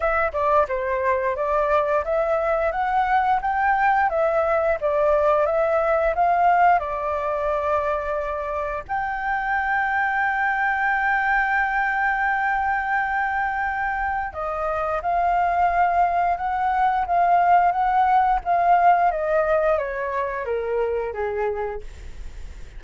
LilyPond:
\new Staff \with { instrumentName = "flute" } { \time 4/4 \tempo 4 = 88 e''8 d''8 c''4 d''4 e''4 | fis''4 g''4 e''4 d''4 | e''4 f''4 d''2~ | d''4 g''2.~ |
g''1~ | g''4 dis''4 f''2 | fis''4 f''4 fis''4 f''4 | dis''4 cis''4 ais'4 gis'4 | }